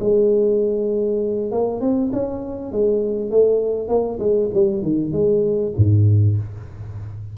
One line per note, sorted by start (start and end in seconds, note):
0.00 1.52 G#3
1.52 1.81 A#3
1.81 2.11 C4
2.13 2.72 C#4
2.72 3.31 G#3
3.31 3.88 A3
3.88 4.19 A#3
4.20 4.50 G#3
4.54 4.82 G3
4.82 5.12 D#3
5.12 5.73 G#3
5.77 6.38 G#2